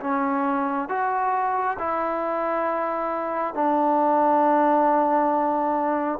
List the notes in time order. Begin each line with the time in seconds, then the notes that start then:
0.00 C#4
0.89 F#4
1.78 E4
3.54 D4